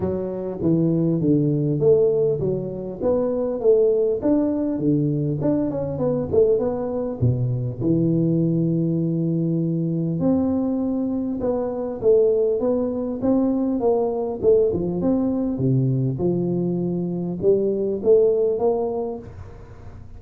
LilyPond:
\new Staff \with { instrumentName = "tuba" } { \time 4/4 \tempo 4 = 100 fis4 e4 d4 a4 | fis4 b4 a4 d'4 | d4 d'8 cis'8 b8 a8 b4 | b,4 e2.~ |
e4 c'2 b4 | a4 b4 c'4 ais4 | a8 f8 c'4 c4 f4~ | f4 g4 a4 ais4 | }